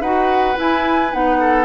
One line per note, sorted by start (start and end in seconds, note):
0.00 0.55 D#4
0.00 0.55 F#4
0.00 1.38 B4
0.00 0.56 F#5
0.55 1.10 E4
0.55 1.12 E4
0.55 1.13 G#5
1.12 1.64 B3
1.12 1.64 D#4
1.12 1.64 F#5
1.39 1.64 A4